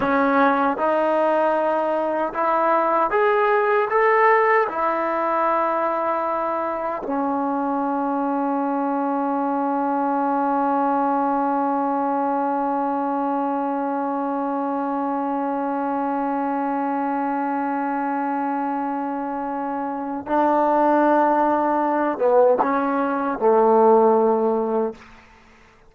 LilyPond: \new Staff \with { instrumentName = "trombone" } { \time 4/4 \tempo 4 = 77 cis'4 dis'2 e'4 | gis'4 a'4 e'2~ | e'4 cis'2.~ | cis'1~ |
cis'1~ | cis'1~ | cis'2 d'2~ | d'8 b8 cis'4 a2 | }